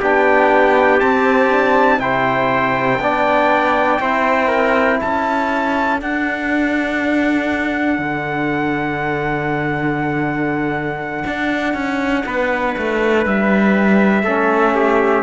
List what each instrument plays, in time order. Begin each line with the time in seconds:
0.00 cello B3, trombone D4, trumpet G4 G5
1.00 trombone C4, cello C4, trumpet A5
1.49 trombone D4
1.99 cello C3, trombone E4, trumpet C5 G5
3.00 cello B3, trombone D4, trumpet D5
4.00 cello C4, trombone E4, trumpet C5
4.48 trumpet A#4
4.98 cello C#4, trumpet A4 A5
6.00 trombone D4, cello D4, trumpet F#5
7.99 cello D3
11.27 cello D4
11.74 cello C#4
12.26 cello B3, trumpet B4
12.78 cello A3
13.26 cello G3, trumpet E5
14.23 cello A3, trombone C#4, trumpet A4
14.76 trumpet G4